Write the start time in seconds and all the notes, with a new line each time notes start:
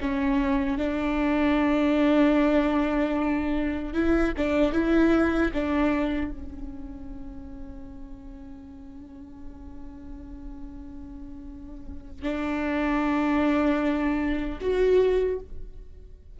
0.00 C#4
0.78 D4
3.93 E4
4.37 D4
4.72 E4
5.53 D4
6.31 C#4
12.22 D4
14.60 F#4